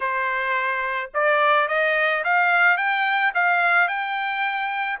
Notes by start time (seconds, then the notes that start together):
0.00 C5
1.14 D5
1.68 D#5
2.24 F5
2.77 G5
3.34 F5
3.87 G5